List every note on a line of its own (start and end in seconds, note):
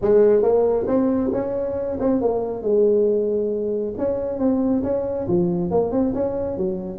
0.01 0.42 G#3
0.42 0.86 A#3
0.87 1.31 C4
1.33 1.98 C#4
2.00 2.21 C4
2.21 2.62 A#3
2.62 3.93 G#3
3.98 4.38 C#4
4.38 4.82 C4
4.83 5.27 C#4
5.27 5.70 F3
5.70 5.91 A#3
5.91 6.13 C4
6.14 6.57 C#4
6.57 6.99 F#3